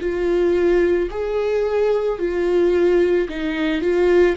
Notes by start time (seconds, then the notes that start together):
0.00 F4
1.11 G#4
2.19 F4
3.29 D#4
3.81 F4